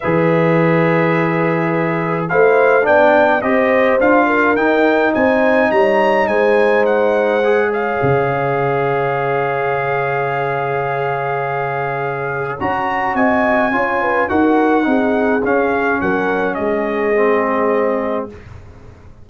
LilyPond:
<<
  \new Staff \with { instrumentName = "trumpet" } { \time 4/4 \tempo 4 = 105 e''1 | f''4 g''4 dis''4 f''4 | g''4 gis''4 ais''4 gis''4 | fis''4. f''2~ f''8~ |
f''1~ | f''2 ais''4 gis''4~ | gis''4 fis''2 f''4 | fis''4 dis''2. | }
  \new Staff \with { instrumentName = "horn" } { \time 4/4 b'1 | c''4 d''4 c''4. ais'8~ | ais'4 c''4 cis''4 c''4~ | c''4. cis''2~ cis''8~ |
cis''1~ | cis''2. dis''4 | cis''8 b'8 ais'4 gis'2 | ais'4 gis'2. | }
  \new Staff \with { instrumentName = "trombone" } { \time 4/4 gis'1 | e'4 d'4 g'4 f'4 | dis'1~ | dis'4 gis'2.~ |
gis'1~ | gis'2 fis'2 | f'4 fis'4 dis'4 cis'4~ | cis'2 c'2 | }
  \new Staff \with { instrumentName = "tuba" } { \time 4/4 e1 | a4 b4 c'4 d'4 | dis'4 c'4 g4 gis4~ | gis2 cis2~ |
cis1~ | cis2 cis'4 c'4 | cis'4 dis'4 c'4 cis'4 | fis4 gis2. | }
>>